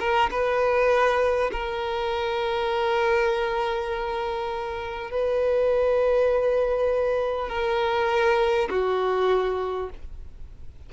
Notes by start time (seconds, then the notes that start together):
0.00 A#4
0.31 B4
1.52 A#4
5.11 B4
7.49 A#4
8.70 F#4